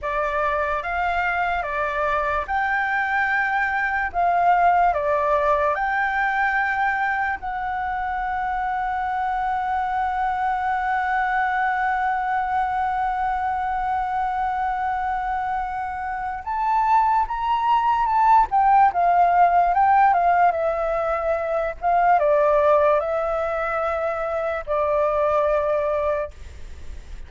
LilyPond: \new Staff \with { instrumentName = "flute" } { \time 4/4 \tempo 4 = 73 d''4 f''4 d''4 g''4~ | g''4 f''4 d''4 g''4~ | g''4 fis''2.~ | fis''1~ |
fis''1 | a''4 ais''4 a''8 g''8 f''4 | g''8 f''8 e''4. f''8 d''4 | e''2 d''2 | }